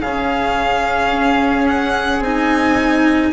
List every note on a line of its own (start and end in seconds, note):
0.00 1.11 C#3
0.00 2.24 C#4
0.00 3.32 G#4
0.00 1.67 F5
1.11 2.19 C#4
1.67 2.22 F#5
2.19 3.30 C4
2.19 3.32 D#4
2.19 3.32 G#5